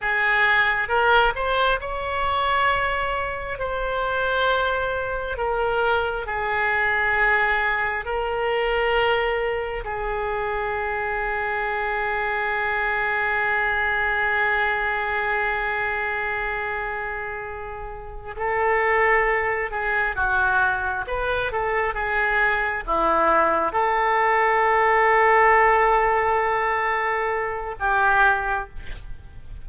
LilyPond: \new Staff \with { instrumentName = "oboe" } { \time 4/4 \tempo 4 = 67 gis'4 ais'8 c''8 cis''2 | c''2 ais'4 gis'4~ | gis'4 ais'2 gis'4~ | gis'1~ |
gis'1~ | gis'8 a'4. gis'8 fis'4 b'8 | a'8 gis'4 e'4 a'4.~ | a'2. g'4 | }